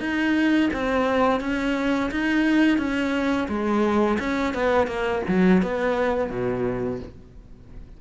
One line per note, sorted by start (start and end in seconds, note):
0.00 0.70 D#4
0.73 1.40 C4
1.40 2.10 C#4
2.11 2.78 D#4
2.78 3.48 C#4
3.49 4.18 G#3
4.19 4.54 C#4
4.54 4.87 B3
4.87 5.22 A#3
5.28 5.63 F#3
5.63 6.30 B3
6.30 7.00 B2